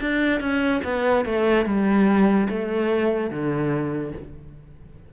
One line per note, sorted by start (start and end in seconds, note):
0.00 0.40 D4
0.40 0.81 C#4
0.84 1.25 B3
1.25 1.66 A3
1.66 2.48 G3
2.49 3.30 A3
3.30 4.12 D3